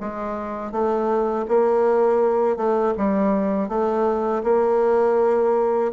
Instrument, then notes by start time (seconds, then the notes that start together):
bassoon
0.00 G#3
0.72 A3
1.48 A#3
2.57 A3
2.97 G3
3.68 A3
4.43 A#3